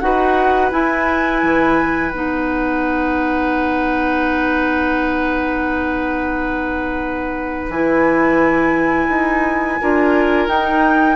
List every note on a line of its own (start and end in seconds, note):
0.00 0.72 D#4
0.00 0.71 F#4
0.00 9.81 B4
0.00 0.70 F#5
0.71 2.11 E4
0.71 1.43 E4
0.71 2.10 G#5
1.43 2.12 E3
2.10 7.69 B3
2.10 7.72 D#4
2.10 7.68 F#5
7.69 9.09 E3
7.69 9.81 E4
7.69 10.49 G#5
9.09 9.79 D#4
9.81 10.48 D4
9.81 10.49 F4
9.81 11.16 A#4
10.48 11.16 D#4
10.48 11.16 G5